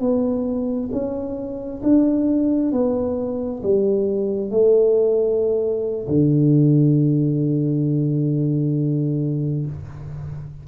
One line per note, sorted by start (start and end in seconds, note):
0.00 0.90 B3
0.92 1.82 C#4
1.83 2.72 D4
2.72 3.61 B3
3.63 4.50 G3
4.50 6.07 A3
6.08 9.66 D3